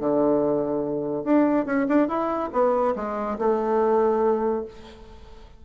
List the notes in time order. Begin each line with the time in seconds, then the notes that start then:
0.00 D3
1.24 D4
1.66 C#4
1.89 D4
2.08 E4
2.53 B3
2.96 G#3
3.39 A3